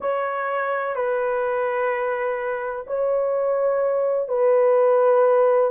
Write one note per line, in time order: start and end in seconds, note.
0.00 0.95 C#5
0.95 2.86 B4
2.87 4.28 C#5
4.28 5.71 B4